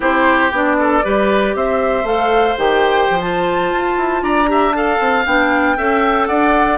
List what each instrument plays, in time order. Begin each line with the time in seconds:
0.00 bassoon C4, clarinet E4, oboe G4, flute C5
0.51 bassoon B3, clarinet D4, flute D5
0.79 oboe A4
1.03 bassoon G3, clarinet G4, oboe B4
1.54 bassoon C4, oboe C5, flute E5
2.03 bassoon A3, clarinet A4, flute F5
2.57 bassoon D#3, clarinet G4, flute G5
3.10 bassoon F3
3.19 clarinet F4, flute A5
3.72 bassoon F4
3.97 bassoon E4
4.22 bassoon D4, oboe D5, flute A#5
4.46 clarinet G4, oboe E5
4.72 clarinet A4, oboe F5, flute A5
4.99 bassoon C4
5.26 bassoon B3, clarinet D4, flute G5
5.77 bassoon C#4, clarinet A4, oboe E5
6.26 bassoon D4, oboe D5, flute F#5